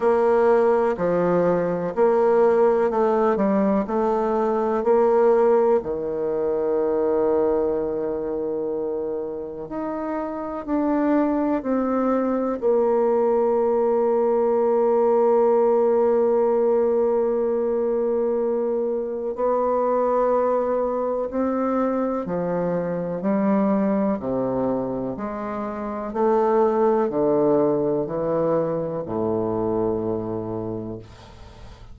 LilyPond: \new Staff \with { instrumentName = "bassoon" } { \time 4/4 \tempo 4 = 62 ais4 f4 ais4 a8 g8 | a4 ais4 dis2~ | dis2 dis'4 d'4 | c'4 ais2.~ |
ais1 | b2 c'4 f4 | g4 c4 gis4 a4 | d4 e4 a,2 | }